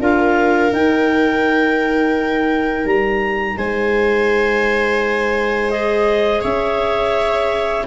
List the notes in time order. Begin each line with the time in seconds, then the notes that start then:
0.00 D4 F4 A#4 F5
0.71 D#4 G5
2.85 G3 A#5
3.57 G#3 C5 G#5
5.70 G#4 D#5
6.42 C#4 C#5 E5